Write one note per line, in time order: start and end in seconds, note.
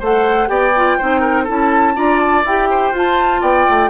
0.00 0.49 A3
0.00 0.48 A4
0.00 0.49 C5
0.00 0.49 F#5
0.48 0.98 B3
0.48 0.72 G4
0.48 0.98 D5
0.48 1.46 G5
0.76 1.00 F4
0.98 1.50 C4
0.98 1.48 D#4
0.98 1.21 C5
1.21 1.44 A#4
1.44 1.97 C#4
1.44 1.95 E4
1.44 1.93 A4
1.51 1.98 A5
1.95 2.45 D4
1.95 2.44 F4
1.95 2.70 D5
1.95 2.19 A#5
2.19 2.44 A5
2.45 2.92 E4
2.45 2.95 G4
2.45 2.96 G5
2.70 3.41 C5
2.92 3.40 F4
2.92 3.90 F4
2.98 3.43 A5
3.41 3.66 B3
3.41 3.90 D5
3.41 3.90 G5
3.70 3.90 A3